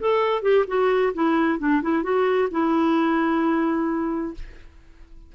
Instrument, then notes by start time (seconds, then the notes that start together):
clarinet
0.00 A4
0.43 G4
0.68 F#4
1.14 E4
1.59 D4
1.83 E4
2.03 F#4
2.51 E4